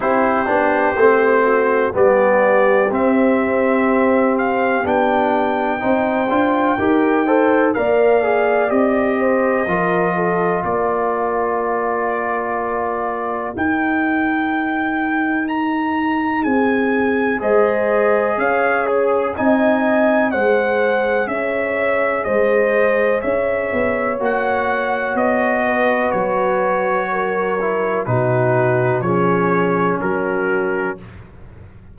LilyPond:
<<
  \new Staff \with { instrumentName = "trumpet" } { \time 4/4 \tempo 4 = 62 c''2 d''4 e''4~ | e''8 f''8 g''2. | f''4 dis''2 d''4~ | d''2 g''2 |
ais''4 gis''4 dis''4 f''8 gis'8 | gis''4 fis''4 e''4 dis''4 | e''4 fis''4 dis''4 cis''4~ | cis''4 b'4 cis''4 ais'4 | }
  \new Staff \with { instrumentName = "horn" } { \time 4/4 g'4. fis'8 g'2~ | g'2 c''4 ais'8 c''8 | d''4. c''8 ais'8 a'8 ais'4~ | ais'1~ |
ais'4 gis'4 c''4 cis''4 | dis''4 c''4 cis''4 c''4 | cis''2~ cis''8 b'4. | ais'4 fis'4 gis'4 fis'4 | }
  \new Staff \with { instrumentName = "trombone" } { \time 4/4 e'8 d'8 c'4 b4 c'4~ | c'4 d'4 dis'8 f'8 g'8 a'8 | ais'8 gis'8 g'4 f'2~ | f'2 dis'2~ |
dis'2 gis'2 | dis'4 gis'2.~ | gis'4 fis'2.~ | fis'8 e'8 dis'4 cis'2 | }
  \new Staff \with { instrumentName = "tuba" } { \time 4/4 c'8 b8 a4 g4 c'4~ | c'4 b4 c'8 d'8 dis'4 | ais4 c'4 f4 ais4~ | ais2 dis'2~ |
dis'4 c'4 gis4 cis'4 | c'4 gis4 cis'4 gis4 | cis'8 b8 ais4 b4 fis4~ | fis4 b,4 f4 fis4 | }
>>